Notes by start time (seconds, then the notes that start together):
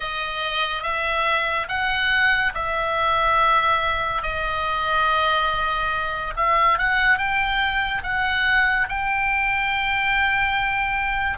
0.00 D#5
0.82 E5
1.68 F#5
2.54 E5
4.22 D#5
6.36 E5
6.78 F#5
7.18 G5
8.03 F#5
8.88 G5